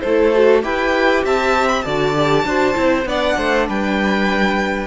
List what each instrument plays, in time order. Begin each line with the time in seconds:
0.00 cello A3, violin A4 C5
0.06 viola E4
0.33 viola F#4
0.61 cello E4, viola G4, violin B4 G5
1.23 cello C4, violin E5 A5
1.68 violin B5
1.82 cello D3, viola F#4, violin D5 A5
2.15 viola G4
2.44 cello D4, viola F#4, violin C5
2.74 cello C4, viola E4
3.04 cello B3, viola D4, violin D5 F#5
3.37 cello A3, violin C5
3.68 cello G3, violin B4 G5